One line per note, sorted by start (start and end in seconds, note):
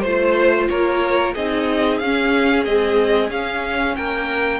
0.00 0.68 A3
0.00 1.36 F4
0.00 0.65 C5
0.00 0.68 C5
0.68 1.35 A#3
0.68 1.35 A#4
0.68 1.34 C#5
1.35 2.00 C4
1.35 2.02 D#4
1.35 3.95 G#4
1.35 1.98 D#5
1.98 2.65 C#4
1.98 2.63 F5
2.64 3.31 G#3
2.64 3.30 C4
2.64 3.30 D#5
3.30 3.95 C#4
3.30 4.60 C#4
3.30 3.96 F5
3.96 4.60 A#3
3.96 4.60 A#4
3.96 4.60 G5